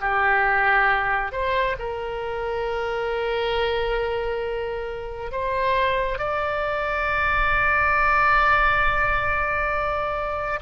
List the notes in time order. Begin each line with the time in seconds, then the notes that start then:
0.00 G4
1.32 C5
1.78 A#4
5.31 C5
6.18 D5